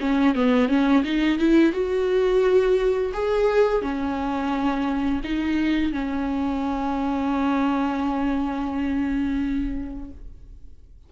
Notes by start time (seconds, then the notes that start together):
0.00 C#4
0.35 B3
0.68 C#4
1.04 D#4
1.38 E4
1.73 F#4
3.13 G#4
3.82 C#4
5.24 D#4
5.92 C#4